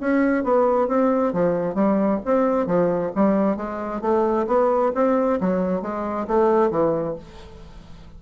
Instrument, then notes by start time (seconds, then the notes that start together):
bassoon
0.00 C#4
0.43 B3
0.88 C4
1.33 F3
1.75 G3
2.25 C4
2.67 F3
3.15 G3
3.56 G#3
4.01 A3
4.47 B3
4.95 C4
5.41 F#3
5.82 G#3
6.27 A3
6.70 E3